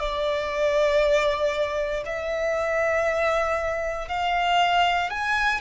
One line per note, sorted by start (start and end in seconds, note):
0.00 2.03 D5
2.06 4.09 E5
4.09 5.10 F5
5.10 5.61 G#5